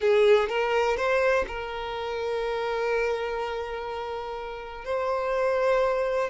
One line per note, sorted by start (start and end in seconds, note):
0.00 0.48 G#4
0.48 0.97 A#4
0.97 1.45 C5
1.47 4.85 A#4
4.85 6.29 C5